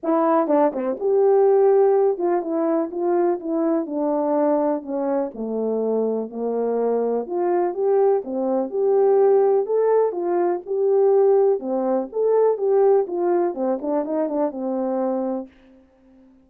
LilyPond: \new Staff \with { instrumentName = "horn" } { \time 4/4 \tempo 4 = 124 e'4 d'8 c'8 g'2~ | g'8 f'8 e'4 f'4 e'4 | d'2 cis'4 a4~ | a4 ais2 f'4 |
g'4 c'4 g'2 | a'4 f'4 g'2 | c'4 a'4 g'4 f'4 | c'8 d'8 dis'8 d'8 c'2 | }